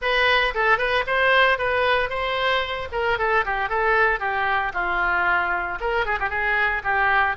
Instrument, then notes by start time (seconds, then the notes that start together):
oboe
0.01 B4
0.54 A4
0.78 B4
1.06 C5
1.58 B4
2.09 C5
2.92 A#4
3.18 A4
3.45 G4
3.69 A4
4.19 G4
4.73 F4
5.80 A#4
6.05 G#4
6.19 G4
6.29 G#4
6.83 G4